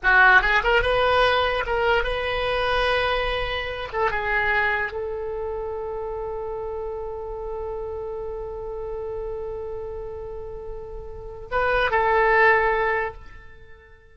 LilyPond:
\new Staff \with { instrumentName = "oboe" } { \time 4/4 \tempo 4 = 146 fis'4 gis'8 ais'8 b'2 | ais'4 b'2.~ | b'4. a'8 gis'2 | a'1~ |
a'1~ | a'1~ | a'1 | b'4 a'2. | }